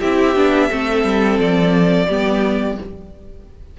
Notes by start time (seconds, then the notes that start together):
0.00 C4 E4 G4 E5
0.35 B3 D4
0.69 A3 C4 A4
1.04 G3
1.38 F3 D5
2.08 G3 B3 G4